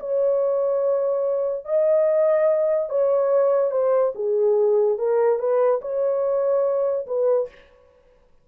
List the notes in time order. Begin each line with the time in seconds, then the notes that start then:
0.00 C#5
1.65 D#5
2.90 C#5
3.71 C5
4.15 G#4
4.98 A#4
5.39 B4
5.81 C#5
7.06 B4